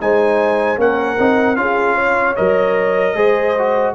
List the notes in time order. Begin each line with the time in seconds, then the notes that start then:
0.00 G#3 D#4 C5 G#5
0.77 A#3 C#4 A#4 F#5
1.19 C4 D#4
1.56 C#4 F4 G#4 F5
1.95 C#5
2.36 F#3 A#4 D#5
3.15 G#3 G#4 C5
3.58 F#4